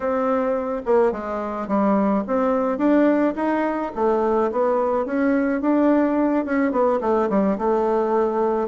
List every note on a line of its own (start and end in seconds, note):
0.00 0.82 C4
0.85 1.12 A#3
1.12 1.67 G#3
1.67 2.23 G3
2.27 2.78 C4
2.78 3.34 D4
3.35 3.92 D#4
3.95 4.51 A3
4.51 5.05 B3
5.05 5.61 C#4
5.61 6.45 D4
6.45 6.71 C#4
6.71 6.99 B3
7.01 7.29 A3
7.29 7.57 G3
7.58 8.68 A3